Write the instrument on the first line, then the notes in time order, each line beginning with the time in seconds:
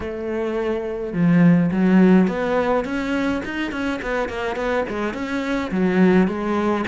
cello
0.00 A3
1.13 F3
1.71 F#3
2.27 B3
2.84 C#4
3.44 D#4
3.71 C#4
4.02 B3
4.28 A#3
4.56 B3
4.88 G#3
5.13 C#4
5.71 F#3
6.27 G#3